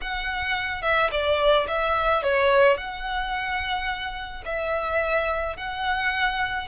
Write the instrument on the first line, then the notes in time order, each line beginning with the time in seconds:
violin
0.01 F#5
0.82 E5
1.11 D5
1.67 E5
2.22 C#5
2.77 F#5
4.45 E5
5.56 F#5